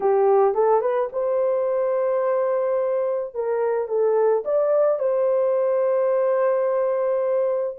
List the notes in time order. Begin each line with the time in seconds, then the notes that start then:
0.00 G4
0.54 A4
0.81 B4
1.12 C5
3.34 A#4
3.88 A4
4.44 D5
4.98 C5